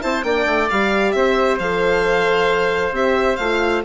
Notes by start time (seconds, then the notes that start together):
0.00 C4 E4 C5 A5
0.23 A#3 D4 D5 G5
0.46 A3
0.70 G3 G4 F5
1.12 C4 C5 E5
1.59 F3 A4 F5
2.92 C4 G4 E5
3.36 A3 F4 F5